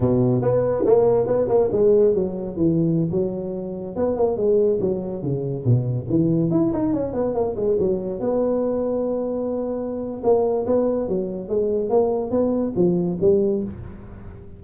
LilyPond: \new Staff \with { instrumentName = "tuba" } { \time 4/4 \tempo 4 = 141 b,4 b4 ais4 b8 ais8 | gis4 fis4 e4~ e16 fis8.~ | fis4~ fis16 b8 ais8 gis4 fis8.~ | fis16 cis4 b,4 e4 e'8 dis'16~ |
dis'16 cis'8 b8 ais8 gis8 fis4 b8.~ | b1 | ais4 b4 fis4 gis4 | ais4 b4 f4 g4 | }